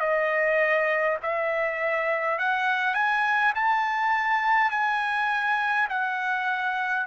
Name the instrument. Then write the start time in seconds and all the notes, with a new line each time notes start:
trumpet
0.00 D#5
1.23 E5
2.39 F#5
2.95 G#5
3.56 A5
4.71 G#5
5.90 F#5